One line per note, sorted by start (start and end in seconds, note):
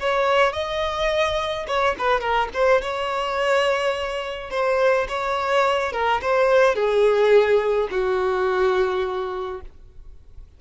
0.00 0.53 C#5
0.53 1.66 D#5
1.67 1.96 C#5
1.99 2.20 B4
2.20 2.49 A#4
2.54 2.82 C5
2.82 4.51 C#5
4.51 5.07 C5
5.09 5.93 C#5
5.93 6.21 A#4
6.22 6.75 C5
6.75 7.89 G#4
7.91 9.61 F#4